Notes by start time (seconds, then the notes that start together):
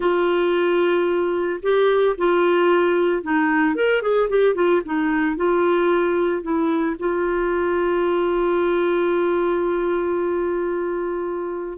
0.00 F4
1.62 G4
2.17 F4
3.22 D#4
3.75 A#4
4.02 G#4
4.29 G4
4.54 F4
4.85 D#4
5.36 F4
6.42 E4
6.99 F4